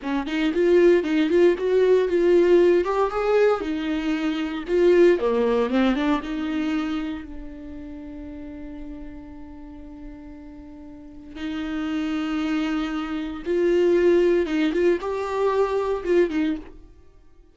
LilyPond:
\new Staff \with { instrumentName = "viola" } { \time 4/4 \tempo 4 = 116 cis'8 dis'8 f'4 dis'8 f'8 fis'4 | f'4. g'8 gis'4 dis'4~ | dis'4 f'4 ais4 c'8 d'8 | dis'2 d'2~ |
d'1~ | d'2 dis'2~ | dis'2 f'2 | dis'8 f'8 g'2 f'8 dis'8 | }